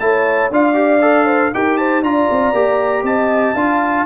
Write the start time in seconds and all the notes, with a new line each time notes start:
0.00 A3 E4 C#5 A5
0.51 D4 F4 D5 F5
0.75 G4
1.02 A4
1.25 C5
1.54 D#4 G4 A#4 G5
1.78 C5 A5
2.02 D4 F4 D5 A#5
2.31 C4
2.53 A#3 G4
3.03 C4 D#5 A5
3.54 D4 F4 F5